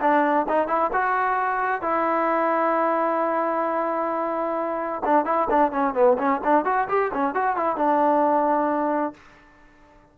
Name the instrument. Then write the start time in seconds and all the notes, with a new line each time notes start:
trombone
0.00 D4
0.48 D#4
0.67 E4
0.92 F#4
1.81 E4
5.04 D4
5.25 E4
5.50 D4
5.71 C#4
5.94 B3
6.18 C#4
6.43 D4
6.65 F#4
6.88 G4
7.13 C#4
7.34 F#4
7.56 E4
7.76 D4